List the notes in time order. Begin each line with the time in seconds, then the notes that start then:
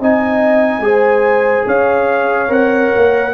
0.00 C4 D#4 D#5 G#5
0.80 G#3 G#4 C5
1.66 C#4 C#5 F5
2.48 C4 A#4 F#5
2.96 A#3